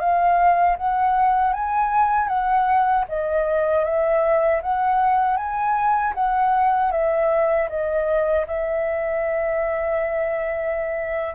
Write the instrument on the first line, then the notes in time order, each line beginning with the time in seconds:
flute
0.00 F5
0.77 F#5
1.53 G#5
2.28 F#5
3.09 D#5
3.85 E5
4.63 F#5
5.37 G#5
6.15 F#5
6.92 E5
7.70 D#5
8.47 E5